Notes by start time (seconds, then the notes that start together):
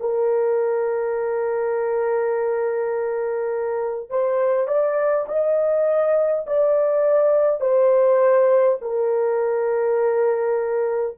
0.00 A#4
4.10 C5
4.67 D5
5.28 D#5
6.47 D5
7.60 C5
8.81 A#4